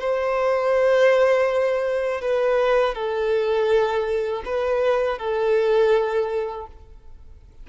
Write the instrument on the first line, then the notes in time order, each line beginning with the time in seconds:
violin
0.00 C5
2.21 B4
2.94 A4
4.45 B4
5.19 A4